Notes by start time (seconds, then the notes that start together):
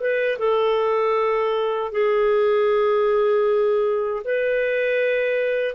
0.00 B4
0.39 A4
1.92 G#4
4.24 B4